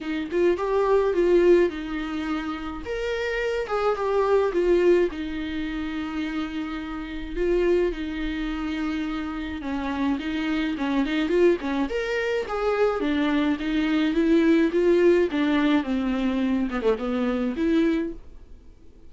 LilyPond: \new Staff \with { instrumentName = "viola" } { \time 4/4 \tempo 4 = 106 dis'8 f'8 g'4 f'4 dis'4~ | dis'4 ais'4. gis'8 g'4 | f'4 dis'2.~ | dis'4 f'4 dis'2~ |
dis'4 cis'4 dis'4 cis'8 dis'8 | f'8 cis'8 ais'4 gis'4 d'4 | dis'4 e'4 f'4 d'4 | c'4. b16 a16 b4 e'4 | }